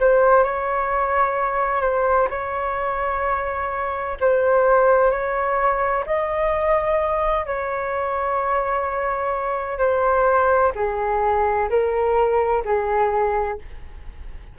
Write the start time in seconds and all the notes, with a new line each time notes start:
0.00 C5
0.44 C#5
1.81 C5
2.30 C#5
4.20 C5
5.11 C#5
6.06 D#5
7.46 C#5
9.78 C5
10.75 G#4
11.69 A#4
12.65 G#4